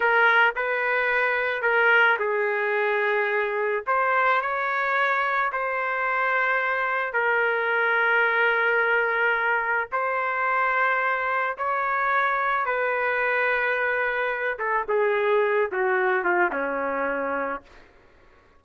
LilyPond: \new Staff \with { instrumentName = "trumpet" } { \time 4/4 \tempo 4 = 109 ais'4 b'2 ais'4 | gis'2. c''4 | cis''2 c''2~ | c''4 ais'2.~ |
ais'2 c''2~ | c''4 cis''2 b'4~ | b'2~ b'8 a'8 gis'4~ | gis'8 fis'4 f'8 cis'2 | }